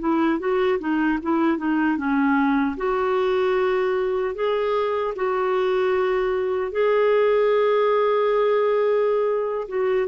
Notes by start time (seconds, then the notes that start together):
0.00 E4
0.39 F#4
0.80 D#4
1.23 E4
1.58 D#4
1.97 C#4
2.77 F#4
4.35 G#4
5.16 F#4
6.72 G#4
9.69 F#4